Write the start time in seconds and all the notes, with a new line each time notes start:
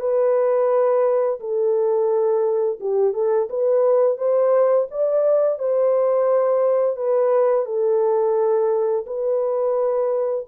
0.00 B4
1.40 A4
2.80 G4
3.14 A4
3.49 B4
4.17 C5
4.91 D5
5.59 C5
6.96 B4
7.65 A4
9.06 B4